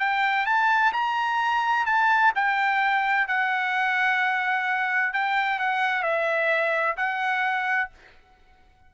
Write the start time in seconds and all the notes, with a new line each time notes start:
0.00 G5
0.46 A5
0.93 A#5
1.86 A5
2.36 G5
3.28 F#5
5.14 G5
5.60 F#5
6.03 E5
6.97 F#5